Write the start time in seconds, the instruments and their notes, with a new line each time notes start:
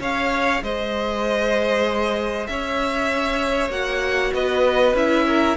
0.00 cello C#4, viola G#4, violin C#5 F5
0.63 cello G#3, violin C5 D#5
2.47 cello C#4, violin C#5 E5
3.70 cello A#3, viola F#4, violin F#5
4.34 cello B3, violin B4 D#5
4.94 cello C#4, viola E4, violin E5
5.27 violin A#4